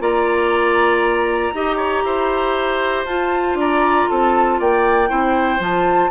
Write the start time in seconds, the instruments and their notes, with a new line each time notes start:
0.00 bassoon A#3, clarinet F4, oboe D5, flute A#5
1.53 bassoon D#4, clarinet G4, oboe D#5
1.77 oboe C#5
2.04 bassoon E4, oboe C5
3.06 bassoon F4, clarinet F4, flute A5
3.54 bassoon D4, flute A#5
3.60 oboe D5
4.09 bassoon C4, oboe A4, flute A5
4.59 bassoon A#3, oboe D5, flute G5
5.08 bassoon C4, clarinet E4, oboe C5
5.59 bassoon F3, clarinet F4, flute A5